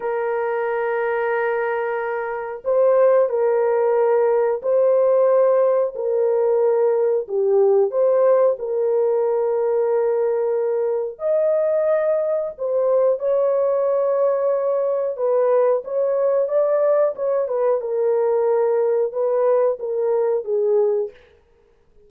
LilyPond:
\new Staff \with { instrumentName = "horn" } { \time 4/4 \tempo 4 = 91 ais'1 | c''4 ais'2 c''4~ | c''4 ais'2 g'4 | c''4 ais'2.~ |
ais'4 dis''2 c''4 | cis''2. b'4 | cis''4 d''4 cis''8 b'8 ais'4~ | ais'4 b'4 ais'4 gis'4 | }